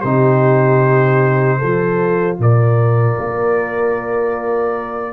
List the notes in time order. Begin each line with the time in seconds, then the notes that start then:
0.00 C3 D#4 G4 C5
1.58 F3 F4 A4
2.39 A#2 A#4 D5
3.19 A#3